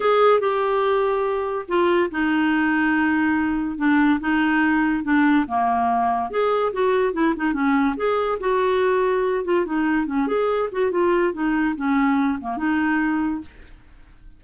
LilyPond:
\new Staff \with { instrumentName = "clarinet" } { \time 4/4 \tempo 4 = 143 gis'4 g'2. | f'4 dis'2.~ | dis'4 d'4 dis'2 | d'4 ais2 gis'4 |
fis'4 e'8 dis'8 cis'4 gis'4 | fis'2~ fis'8 f'8 dis'4 | cis'8 gis'4 fis'8 f'4 dis'4 | cis'4. ais8 dis'2 | }